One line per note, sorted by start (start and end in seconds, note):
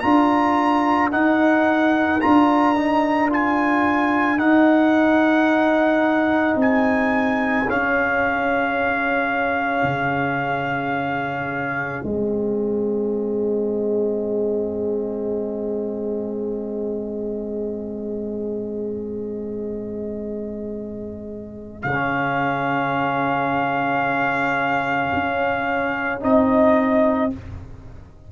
0.00 1.13 D4
0.00 1.11 F4
0.00 6.57 A#4
0.00 1.09 A#5
1.11 2.20 D#4
1.11 2.22 D#4
1.11 2.21 F#5
2.21 4.37 D4
2.21 2.76 F4
2.21 3.30 A#5
2.76 3.30 D#4
3.30 4.38 F4
3.30 4.39 G#5
4.37 6.55 D#4
4.37 7.65 D#4
4.37 6.57 F#5
6.56 7.65 C4
6.56 27.31 G#4
6.56 7.70 G#5
7.69 9.83 C#4
7.69 12.05 C#4
7.69 12.05 F5
9.83 12.01 C#3
12.04 21.85 G#3
12.04 21.87 C4
12.04 21.82 D#5
21.82 25.12 C#3
21.82 26.21 C#4
21.82 26.19 F5
25.14 26.22 C#4
26.21 27.31 C4
26.21 27.30 D#4
26.21 27.32 D#5